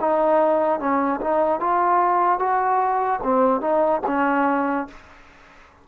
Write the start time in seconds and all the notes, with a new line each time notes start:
0.00 D#4
0.79 C#4
1.20 D#4
1.60 F4
2.39 F#4
3.23 C4
3.60 D#4
4.06 C#4